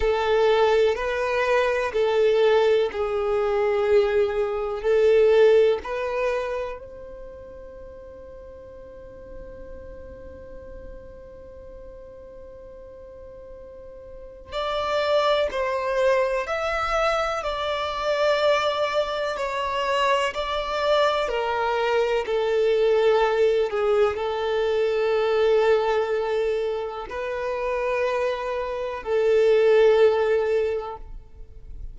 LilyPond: \new Staff \with { instrumentName = "violin" } { \time 4/4 \tempo 4 = 62 a'4 b'4 a'4 gis'4~ | gis'4 a'4 b'4 c''4~ | c''1~ | c''2. d''4 |
c''4 e''4 d''2 | cis''4 d''4 ais'4 a'4~ | a'8 gis'8 a'2. | b'2 a'2 | }